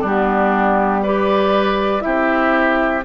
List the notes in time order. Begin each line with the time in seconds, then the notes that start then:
0.00 G3 D4
0.06 B3 G4
1.02 G4 B4 D5
2.00 C4 E4 G4 E5